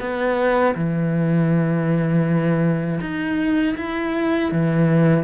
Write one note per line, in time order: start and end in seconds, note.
0.00 0.75 B3
0.75 3.00 E3
3.01 3.76 D#4
3.77 4.52 E4
4.52 5.24 E3